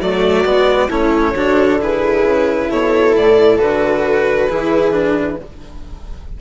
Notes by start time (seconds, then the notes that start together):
0.00 F#3 A3 F#4 D5
0.44 G#3 B3
0.89 A3 C#4 E4 C#5
1.35 D3 D4 F#4
1.80 E4 G#4 B4
2.23 C#3
2.70 B2 A4 C#5
3.16 A2 D5
3.59 D3 F#4 B4
4.47 E3 E4 G#4
4.91 D4